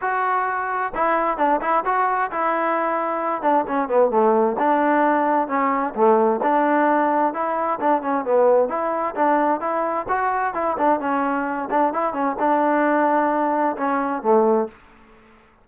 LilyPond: \new Staff \with { instrumentName = "trombone" } { \time 4/4 \tempo 4 = 131 fis'2 e'4 d'8 e'8 | fis'4 e'2~ e'8 d'8 | cis'8 b8 a4 d'2 | cis'4 a4 d'2 |
e'4 d'8 cis'8 b4 e'4 | d'4 e'4 fis'4 e'8 d'8 | cis'4. d'8 e'8 cis'8 d'4~ | d'2 cis'4 a4 | }